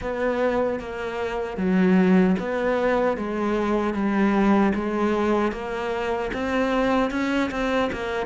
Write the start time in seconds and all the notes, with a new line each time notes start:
0.01 B3
0.79 A#3
1.57 F#3
2.39 B3
3.17 G#3
3.94 G3
4.74 G#3
5.52 A#3
6.33 C4
7.11 C#4
7.50 C4
7.92 A#3